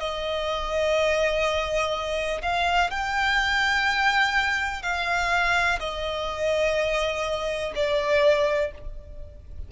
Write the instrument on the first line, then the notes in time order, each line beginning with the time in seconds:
violin
0.00 D#5
2.42 F5
2.91 G5
4.83 F5
5.80 D#5
7.75 D5